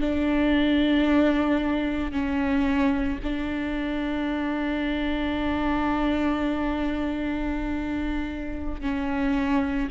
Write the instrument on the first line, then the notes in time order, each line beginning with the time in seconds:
viola
0.00 D4
2.11 C#4
3.23 D4
8.81 C#4